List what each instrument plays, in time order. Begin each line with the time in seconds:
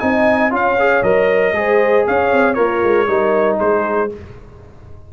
0.00 tuba C4, trombone D#4, horn D#5, trumpet G#5
0.51 tuba C#4, trombone F4, horn C#5, trumpet F5
0.80 trombone G#4
1.03 tuba F#3, trombone A#4, trumpet D#5
1.53 tuba G#3, trombone G#4, horn C5
2.07 tuba C#4, horn C#5, trumpet F5
2.33 tuba C4
2.54 tuba A#3, horn F4, trombone A#4, trumpet C#5
2.84 tuba G#3
3.07 tuba G3, trombone D#4, horn A#4
3.58 tuba G#3, horn G#4, trumpet C5